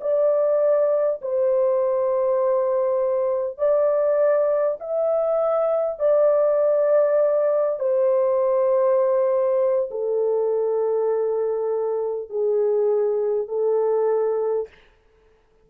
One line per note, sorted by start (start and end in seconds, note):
0.00 1.20 D5
1.21 3.57 C5
3.57 4.77 D5
4.79 5.99 E5
5.99 7.79 D5
7.79 9.89 C5
9.91 12.29 A4
12.29 13.48 G#4
13.48 14.68 A4